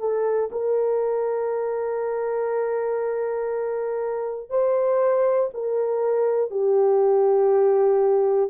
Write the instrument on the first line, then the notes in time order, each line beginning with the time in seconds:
horn
0.00 A4
0.52 A#4
4.50 C5
5.54 A#4
6.51 G4